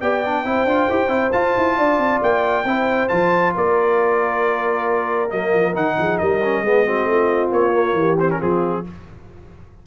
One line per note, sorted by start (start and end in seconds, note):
0.00 0.44 B3
0.00 0.24 G4
0.00 0.45 D5
0.00 1.32 G5
0.25 0.45 D4
0.44 0.65 C4
0.44 0.67 E4
0.44 1.77 C5
0.65 0.87 D4
0.65 0.90 F4
0.90 1.08 E4
0.90 1.08 G4
1.08 1.30 C4
1.08 1.30 E4
1.32 2.65 F4
1.32 1.55 F4
1.32 2.20 A5
1.57 1.78 E4
1.77 1.98 D4
1.77 2.66 D5
1.98 2.20 C4
2.22 2.64 A#3
2.22 3.08 G5
2.64 3.08 C4
2.64 3.08 E4
2.64 3.55 C5
3.08 3.55 F3
3.08 5.29 F4
3.08 3.52 A5
3.55 5.31 A#3
3.55 5.97 A#4
3.55 5.30 D5
5.29 5.53 F#3
5.29 5.73 A#3
5.29 5.74 D#5
5.53 5.75 F3
5.74 5.98 D#3
5.74 6.40 D#4
5.74 6.18 F#5
5.98 6.20 F3
5.98 6.19 G#4
6.18 6.61 G3
6.18 6.63 A#4
6.18 7.50 D#5
6.43 6.65 C#4
6.61 7.04 G#3
6.61 6.85 B3
6.61 6.85 G#4
6.85 7.73 C4
6.85 7.09 F#4
7.04 7.48 A3
7.10 7.98 F4
7.51 7.93 A#3
7.51 8.18 C#5
7.73 8.17 A#3
7.93 8.37 E3
7.93 8.38 G4
8.19 8.30 C4
8.19 8.30 C5
8.30 8.40 C#4
8.30 8.41 A#4
8.38 8.86 F3
8.38 8.84 C4
8.38 8.82 F4
8.38 8.86 G#4